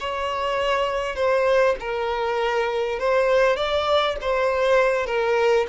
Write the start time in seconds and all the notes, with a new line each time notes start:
0.00 C#5
1.16 C5
1.80 A#4
2.99 C5
3.56 D5
4.21 C5
5.06 A#4